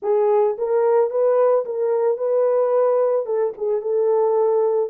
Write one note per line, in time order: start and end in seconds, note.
0.02 0.57 G#4
0.58 1.10 A#4
1.10 1.65 B4
1.65 2.17 A#4
2.17 3.26 B4
3.26 3.53 A4
3.57 3.81 G#4
3.81 4.90 A4